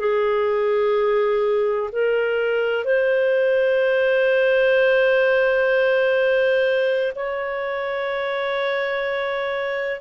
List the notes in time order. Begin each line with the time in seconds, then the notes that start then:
0.00 G#4
1.92 A#4
2.85 C5
7.16 C#5